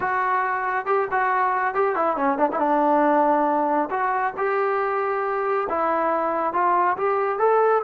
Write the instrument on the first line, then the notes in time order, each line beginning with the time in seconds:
trombone
0.00 F#4
0.86 G4
1.11 F#4
1.74 G4
1.95 E4
2.16 C#4
2.38 D4
2.51 E4
2.58 D4
3.90 F#4
4.37 G4
5.69 E4
6.53 F4
6.97 G4
7.39 A4